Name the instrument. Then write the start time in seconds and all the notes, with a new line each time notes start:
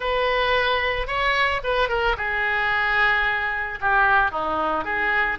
oboe
0.00 B4
1.07 C#5
1.63 B4
1.88 A#4
2.17 G#4
3.80 G4
4.31 D#4
4.84 G#4